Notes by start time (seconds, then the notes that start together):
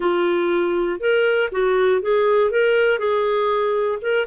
0.00 F4
1.00 A#4
1.51 F#4
2.01 G#4
2.50 A#4
2.98 G#4
4.01 A#4